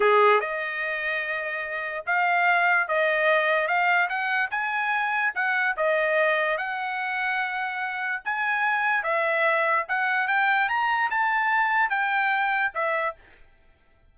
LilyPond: \new Staff \with { instrumentName = "trumpet" } { \time 4/4 \tempo 4 = 146 gis'4 dis''2.~ | dis''4 f''2 dis''4~ | dis''4 f''4 fis''4 gis''4~ | gis''4 fis''4 dis''2 |
fis''1 | gis''2 e''2 | fis''4 g''4 ais''4 a''4~ | a''4 g''2 e''4 | }